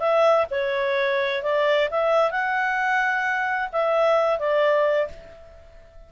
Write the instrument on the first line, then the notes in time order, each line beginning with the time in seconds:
clarinet
0.00 E5
0.51 C#5
1.43 D5
1.91 E5
2.31 F#5
3.73 E5
4.39 D5